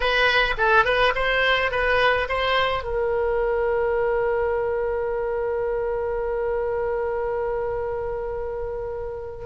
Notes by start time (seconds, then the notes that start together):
0.00 B4
0.57 A4
0.84 B4
1.15 C5
1.71 B4
2.28 C5
2.83 A#4